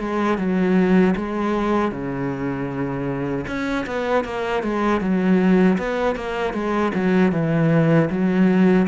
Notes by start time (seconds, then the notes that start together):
0.00 G#3
0.38 F#3
1.16 G#3
1.92 C#3
3.48 C#4
3.87 B3
4.25 A#3
4.63 G#3
5.01 F#3
5.78 B3
6.16 A#3
6.54 G#3
6.95 F#3
7.33 E3
8.11 F#3